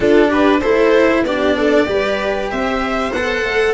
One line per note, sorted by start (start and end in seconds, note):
0.00 0.61 D4
0.00 0.62 D4
0.00 0.29 F4
0.00 0.31 A4
0.29 0.60 G4
0.29 0.60 B4
0.60 1.23 A3
0.60 1.26 E4
0.60 1.23 A4
0.60 1.22 C5
1.23 1.85 B3
1.23 1.86 D4
1.23 1.56 G4
1.23 2.50 D5
1.56 1.88 A4
1.86 2.50 G3
1.86 3.11 G4
1.86 2.51 B4
2.50 3.12 C4
2.50 3.73 C5
2.50 3.12 E5
3.12 3.43 B3
3.12 3.73 A4
3.12 3.73 F#5
3.43 3.73 A3